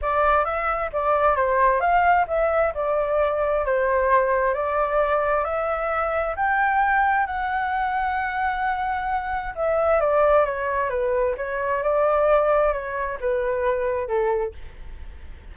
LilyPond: \new Staff \with { instrumentName = "flute" } { \time 4/4 \tempo 4 = 132 d''4 e''4 d''4 c''4 | f''4 e''4 d''2 | c''2 d''2 | e''2 g''2 |
fis''1~ | fis''4 e''4 d''4 cis''4 | b'4 cis''4 d''2 | cis''4 b'2 a'4 | }